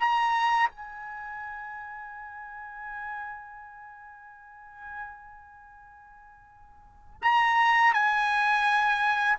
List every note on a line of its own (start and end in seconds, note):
0.00 0.70 A#5
0.70 7.21 G#5
7.22 7.94 A#5
7.94 9.38 G#5